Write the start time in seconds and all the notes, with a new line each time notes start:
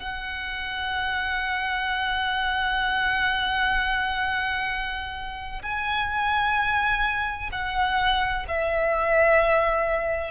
0.00 F#5
5.63 G#5
7.52 F#5
8.48 E5